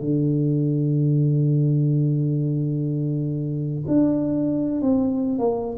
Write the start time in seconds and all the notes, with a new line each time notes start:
0.00 D3
3.87 D4
4.81 C4
5.38 A#3